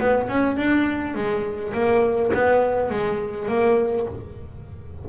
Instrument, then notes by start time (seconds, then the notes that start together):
double bass
0.00 B3
0.29 C#4
0.57 D4
1.15 G#3
1.73 A#3
2.34 B3
2.90 G#3
3.48 A#3